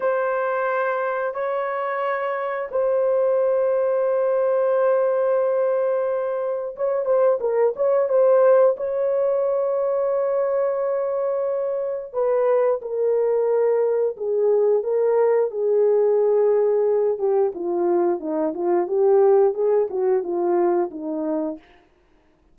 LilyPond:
\new Staff \with { instrumentName = "horn" } { \time 4/4 \tempo 4 = 89 c''2 cis''2 | c''1~ | c''2 cis''8 c''8 ais'8 cis''8 | c''4 cis''2.~ |
cis''2 b'4 ais'4~ | ais'4 gis'4 ais'4 gis'4~ | gis'4. g'8 f'4 dis'8 f'8 | g'4 gis'8 fis'8 f'4 dis'4 | }